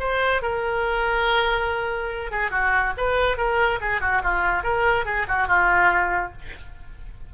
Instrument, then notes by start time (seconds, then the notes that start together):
oboe
0.00 C5
0.42 A#4
2.31 G#4
2.51 F#4
2.97 B4
3.38 A#4
3.81 G#4
4.01 F#4
4.23 F4
4.63 A#4
5.06 G#4
5.28 F#4
5.48 F4